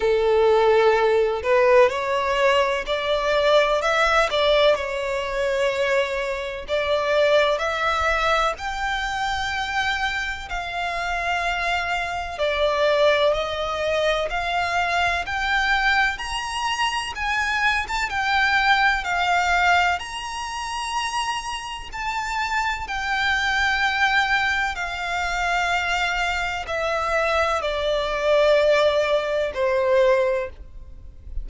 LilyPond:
\new Staff \with { instrumentName = "violin" } { \time 4/4 \tempo 4 = 63 a'4. b'8 cis''4 d''4 | e''8 d''8 cis''2 d''4 | e''4 g''2 f''4~ | f''4 d''4 dis''4 f''4 |
g''4 ais''4 gis''8. a''16 g''4 | f''4 ais''2 a''4 | g''2 f''2 | e''4 d''2 c''4 | }